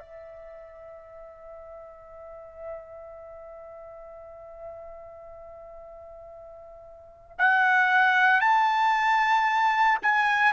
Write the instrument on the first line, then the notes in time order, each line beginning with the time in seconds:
trumpet
0.00 E5
7.39 F#5
8.41 A5
10.03 G#5